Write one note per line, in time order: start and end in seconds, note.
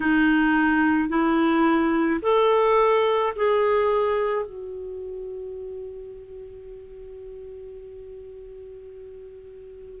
0.00 1.09 D#4
1.09 2.20 E4
2.22 3.33 A4
3.35 4.45 G#4
4.45 10.00 F#4